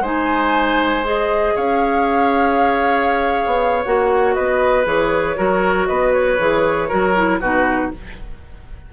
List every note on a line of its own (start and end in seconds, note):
0.00 1.53 G#3
0.00 1.03 D#4
0.00 1.54 C5
0.00 1.05 G#5
1.03 3.83 G#4
1.03 1.56 D#5
1.55 3.46 C#4
1.55 4.35 C#5
1.55 3.84 F5
3.46 3.84 B3
3.84 4.37 A#3
3.84 4.85 F#4
3.84 4.34 F#5
4.34 4.86 B3
4.34 5.36 B4
4.34 4.85 D#5
4.85 5.36 E3
4.85 5.35 G#4
4.85 5.87 C#5
5.36 5.88 F#3
5.36 6.38 F#4
5.36 5.88 A#4
5.87 6.38 B3
5.87 6.88 B4
5.87 6.12 D#5
6.12 7.40 C#5
6.38 6.89 E3
6.38 6.89 G#4
6.88 7.40 F#3
6.88 7.15 F#4
6.88 7.39 A#4
7.15 7.41 E4
7.40 7.91 B2
7.40 7.93 D#4
7.40 7.91 F#4
7.40 7.91 B4